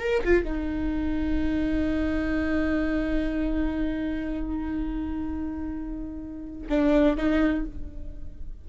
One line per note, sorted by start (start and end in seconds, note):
0.00 0.24 A#4
0.24 0.45 F4
0.45 6.69 D#4
6.70 7.17 D4
7.17 7.65 D#4